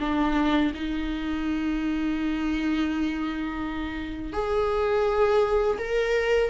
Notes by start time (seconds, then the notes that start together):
0.00 D4
0.74 D#4
4.33 G#4
5.78 A#4